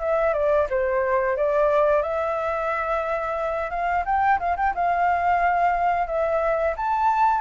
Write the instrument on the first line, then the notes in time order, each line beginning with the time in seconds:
flute
0.00 E5
0.34 D5
0.70 C5
1.37 D5
2.03 E5
3.71 F5
4.05 G5
4.40 F5
4.57 G5
4.75 F5
6.07 E5
6.77 A5